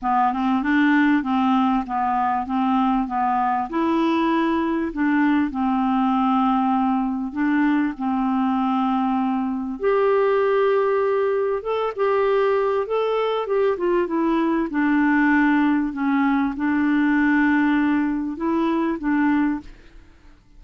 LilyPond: \new Staff \with { instrumentName = "clarinet" } { \time 4/4 \tempo 4 = 98 b8 c'8 d'4 c'4 b4 | c'4 b4 e'2 | d'4 c'2. | d'4 c'2. |
g'2. a'8 g'8~ | g'4 a'4 g'8 f'8 e'4 | d'2 cis'4 d'4~ | d'2 e'4 d'4 | }